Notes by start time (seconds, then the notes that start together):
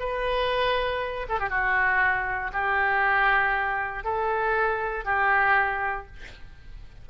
0.00 B4
1.29 A4
1.40 G4
1.50 F#4
2.53 G4
4.04 A4
5.05 G4